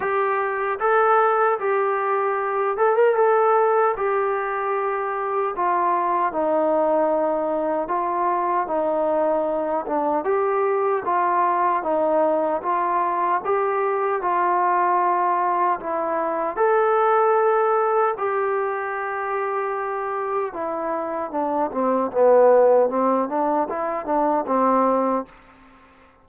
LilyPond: \new Staff \with { instrumentName = "trombone" } { \time 4/4 \tempo 4 = 76 g'4 a'4 g'4. a'16 ais'16 | a'4 g'2 f'4 | dis'2 f'4 dis'4~ | dis'8 d'8 g'4 f'4 dis'4 |
f'4 g'4 f'2 | e'4 a'2 g'4~ | g'2 e'4 d'8 c'8 | b4 c'8 d'8 e'8 d'8 c'4 | }